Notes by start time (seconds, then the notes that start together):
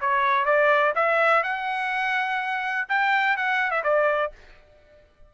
0.00 C#5
0.45 D5
0.95 E5
1.43 F#5
2.89 G5
3.37 F#5
3.71 E5
3.83 D5